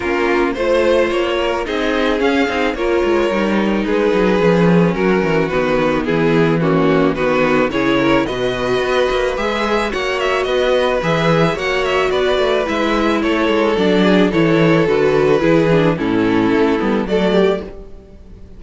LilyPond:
<<
  \new Staff \with { instrumentName = "violin" } { \time 4/4 \tempo 4 = 109 ais'4 c''4 cis''4 dis''4 | f''4 cis''2 b'4~ | b'4 ais'4 b'4 gis'4 | fis'4 b'4 cis''4 dis''4~ |
dis''4 e''4 fis''8 e''8 dis''4 | e''4 fis''8 e''8 d''4 e''4 | cis''4 d''4 cis''4 b'4~ | b'4 a'2 d''4 | }
  \new Staff \with { instrumentName = "violin" } { \time 4/4 f'4 c''4. ais'8 gis'4~ | gis'4 ais'2 gis'4~ | gis'4 fis'2 e'4 | cis'4 fis'4 gis'8 ais'8 b'4~ |
b'2 cis''4 b'4~ | b'4 cis''4 b'2 | a'4. gis'8 a'2 | gis'4 e'2 a'8 g'8 | }
  \new Staff \with { instrumentName = "viola" } { \time 4/4 cis'4 f'2 dis'4 | cis'8 dis'8 f'4 dis'2 | cis'2 b2 | ais4 b4 e'4 fis'4~ |
fis'4 gis'4 fis'2 | gis'4 fis'2 e'4~ | e'4 d'4 e'4 fis'4 | e'8 d'8 cis'4. b8 a4 | }
  \new Staff \with { instrumentName = "cello" } { \time 4/4 ais4 a4 ais4 c'4 | cis'8 c'8 ais8 gis8 g4 gis8 fis8 | f4 fis8 e8 dis4 e4~ | e4 dis4 cis4 b,4 |
b8 ais8 gis4 ais4 b4 | e4 ais4 b8 a8 gis4 | a8 gis8 fis4 e4 d4 | e4 a,4 a8 g8 fis4 | }
>>